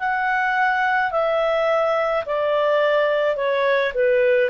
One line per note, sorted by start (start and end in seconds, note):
0.00 1.12 F#5
1.12 2.25 E5
2.26 3.37 D5
3.37 3.93 C#5
3.94 4.51 B4